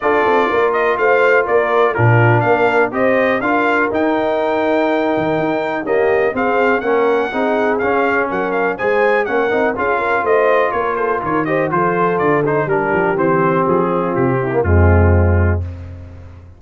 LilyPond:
<<
  \new Staff \with { instrumentName = "trumpet" } { \time 4/4 \tempo 4 = 123 d''4. dis''8 f''4 d''4 | ais'4 f''4 dis''4 f''4 | g''1 | dis''4 f''4 fis''2 |
f''4 fis''8 f''8 gis''4 fis''4 | f''4 dis''4 cis''8 c''8 cis''8 dis''8 | c''4 d''8 c''8 ais'4 c''4 | gis'4 g'4 f'2 | }
  \new Staff \with { instrumentName = "horn" } { \time 4/4 a'4 ais'4 c''4 ais'4 | f'4 ais'4 c''4 ais'4~ | ais'1 | g'4 gis'4 ais'4 gis'4~ |
gis'4 ais'4 c''4 ais'4 | gis'8 ais'8 c''4 ais'8 a'8 ais'8 c''8 | a'2 g'2~ | g'8 f'4 e'8 c'2 | }
  \new Staff \with { instrumentName = "trombone" } { \time 4/4 f'1 | d'2 g'4 f'4 | dis'1 | ais4 c'4 cis'4 dis'4 |
cis'2 gis'4 cis'8 dis'8 | f'2.~ f'8 g'8 | f'4. dis'8 d'4 c'4~ | c'4.~ c'16 ais16 gis2 | }
  \new Staff \with { instrumentName = "tuba" } { \time 4/4 d'8 c'8 ais4 a4 ais4 | ais,4 ais4 c'4 d'4 | dis'2~ dis'8 dis8 dis'4 | cis'4 c'4 ais4 c'4 |
cis'4 fis4 gis4 ais8 c'8 | cis'4 a4 ais4 dis4 | f4 d4 g8 f8 e4 | f4 c4 f,2 | }
>>